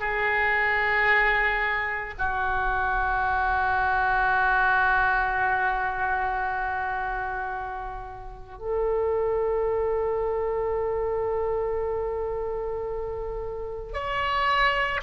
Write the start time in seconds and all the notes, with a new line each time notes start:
0.00 G#4
2.19 F#4
8.59 A4
13.94 C#5